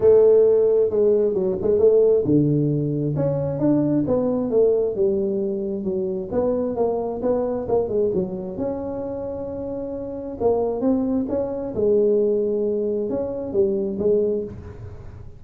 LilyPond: \new Staff \with { instrumentName = "tuba" } { \time 4/4 \tempo 4 = 133 a2 gis4 fis8 gis8 | a4 d2 cis'4 | d'4 b4 a4 g4~ | g4 fis4 b4 ais4 |
b4 ais8 gis8 fis4 cis'4~ | cis'2. ais4 | c'4 cis'4 gis2~ | gis4 cis'4 g4 gis4 | }